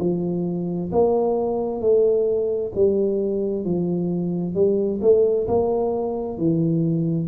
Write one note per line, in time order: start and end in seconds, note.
0.00 0.91 F3
0.92 1.81 A#3
1.81 2.72 A3
2.75 3.65 G3
3.65 4.55 F3
4.55 5.00 G3
5.02 5.47 A3
5.48 6.38 A#3
6.38 7.29 E3